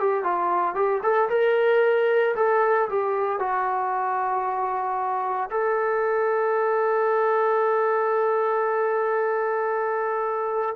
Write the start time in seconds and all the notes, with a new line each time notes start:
0.00 G4
0.24 F4
0.75 G4
1.03 A4
1.29 A#4
2.36 A4
2.89 G4
3.39 F#4
5.50 A4